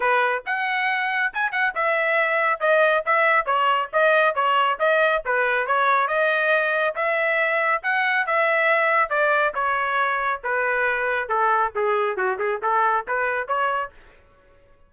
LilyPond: \new Staff \with { instrumentName = "trumpet" } { \time 4/4 \tempo 4 = 138 b'4 fis''2 gis''8 fis''8 | e''2 dis''4 e''4 | cis''4 dis''4 cis''4 dis''4 | b'4 cis''4 dis''2 |
e''2 fis''4 e''4~ | e''4 d''4 cis''2 | b'2 a'4 gis'4 | fis'8 gis'8 a'4 b'4 cis''4 | }